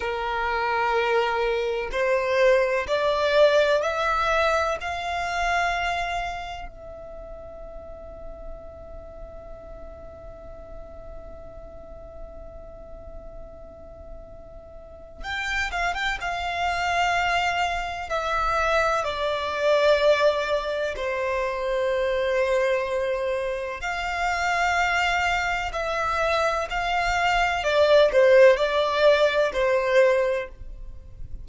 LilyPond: \new Staff \with { instrumentName = "violin" } { \time 4/4 \tempo 4 = 63 ais'2 c''4 d''4 | e''4 f''2 e''4~ | e''1~ | e''1 |
g''8 f''16 g''16 f''2 e''4 | d''2 c''2~ | c''4 f''2 e''4 | f''4 d''8 c''8 d''4 c''4 | }